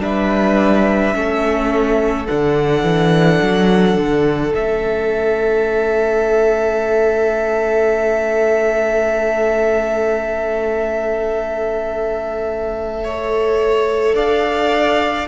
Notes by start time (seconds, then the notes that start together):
0.00 G3 D4 B4 E5
1.13 A3 C#4 A4
2.26 D3 D4 F#5
2.83 E3
3.42 F#3
3.97 D3
4.54 A3 C#4 E5
13.03 A4 C#5
14.14 D4 D5 F5